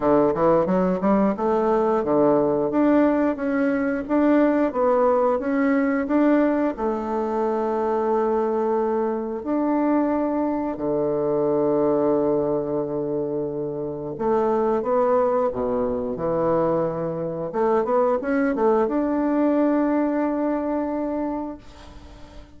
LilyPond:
\new Staff \with { instrumentName = "bassoon" } { \time 4/4 \tempo 4 = 89 d8 e8 fis8 g8 a4 d4 | d'4 cis'4 d'4 b4 | cis'4 d'4 a2~ | a2 d'2 |
d1~ | d4 a4 b4 b,4 | e2 a8 b8 cis'8 a8 | d'1 | }